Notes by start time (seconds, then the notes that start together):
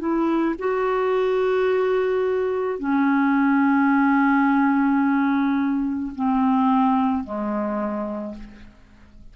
0.00 E4
0.59 F#4
2.80 C#4
6.16 C4
7.24 G#3